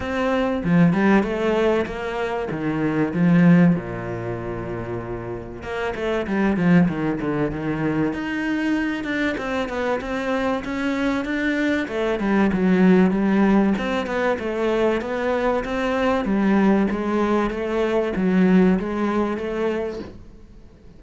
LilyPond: \new Staff \with { instrumentName = "cello" } { \time 4/4 \tempo 4 = 96 c'4 f8 g8 a4 ais4 | dis4 f4 ais,2~ | ais,4 ais8 a8 g8 f8 dis8 d8 | dis4 dis'4. d'8 c'8 b8 |
c'4 cis'4 d'4 a8 g8 | fis4 g4 c'8 b8 a4 | b4 c'4 g4 gis4 | a4 fis4 gis4 a4 | }